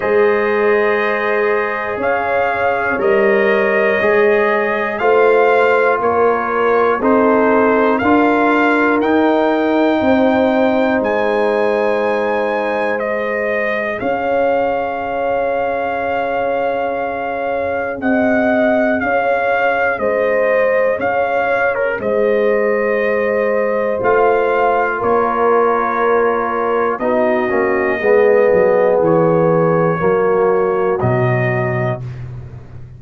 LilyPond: <<
  \new Staff \with { instrumentName = "trumpet" } { \time 4/4 \tempo 4 = 60 dis''2 f''4 dis''4~ | dis''4 f''4 cis''4 c''4 | f''4 g''2 gis''4~ | gis''4 dis''4 f''2~ |
f''2 fis''4 f''4 | dis''4 f''8. ais'16 dis''2 | f''4 cis''2 dis''4~ | dis''4 cis''2 dis''4 | }
  \new Staff \with { instrumentName = "horn" } { \time 4/4 c''2 cis''2~ | cis''4 c''4 ais'4 a'4 | ais'2 c''2~ | c''2 cis''2~ |
cis''2 dis''4 cis''4 | c''4 cis''4 c''2~ | c''4 ais'2 fis'4 | gis'2 fis'2 | }
  \new Staff \with { instrumentName = "trombone" } { \time 4/4 gis'2. ais'4 | gis'4 f'2 dis'4 | f'4 dis'2.~ | dis'4 gis'2.~ |
gis'1~ | gis'1 | f'2. dis'8 cis'8 | b2 ais4 fis4 | }
  \new Staff \with { instrumentName = "tuba" } { \time 4/4 gis2 cis'4 g4 | gis4 a4 ais4 c'4 | d'4 dis'4 c'4 gis4~ | gis2 cis'2~ |
cis'2 c'4 cis'4 | gis4 cis'4 gis2 | a4 ais2 b8 ais8 | gis8 fis8 e4 fis4 b,4 | }
>>